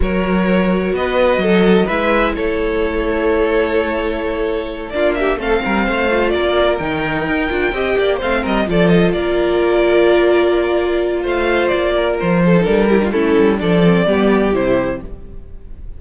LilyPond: <<
  \new Staff \with { instrumentName = "violin" } { \time 4/4 \tempo 4 = 128 cis''2 dis''2 | e''4 cis''2.~ | cis''2~ cis''8 d''8 e''8 f''8~ | f''4. d''4 g''4.~ |
g''4. f''8 dis''8 d''8 dis''8 d''8~ | d''1 | f''4 d''4 c''4 ais'4 | a'4 d''2 c''4 | }
  \new Staff \with { instrumentName = "violin" } { \time 4/4 ais'2 b'4 a'4 | b'4 a'2.~ | a'2~ a'8 f'8 g'8 a'8 | ais'8 c''4 ais'2~ ais'8~ |
ais'8 dis''8 d''8 c''8 ais'8 a'4 ais'8~ | ais'1 | c''4. ais'4 a'4 g'16 f'16 | e'4 a'4 g'2 | }
  \new Staff \with { instrumentName = "viola" } { \time 4/4 fis'1 | e'1~ | e'2~ e'8 d'4 c'8~ | c'4 f'4. dis'4. |
f'8 g'4 c'4 f'4.~ | f'1~ | f'2~ f'8. dis'16 d'8 e'16 d'16 | cis'4 d'8 c'8 b4 e'4 | }
  \new Staff \with { instrumentName = "cello" } { \time 4/4 fis2 b4 fis4 | gis4 a2.~ | a2~ a8 ais4 a8 | g8 a4 ais4 dis4 dis'8 |
d'8 c'8 ais8 a8 g8 f4 ais8~ | ais1 | a4 ais4 f4 g4 | a8 g8 f4 g4 c4 | }
>>